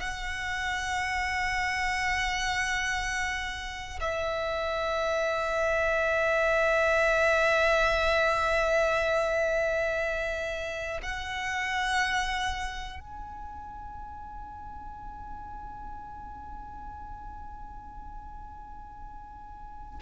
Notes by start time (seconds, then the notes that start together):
0.00 F#5
4.01 E5
11.03 F#5
13.00 G#5